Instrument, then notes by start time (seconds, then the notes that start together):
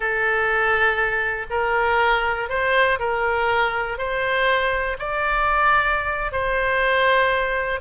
oboe
0.00 A4
1.49 A#4
2.49 C5
2.99 A#4
3.98 C5
4.98 D5
6.32 C5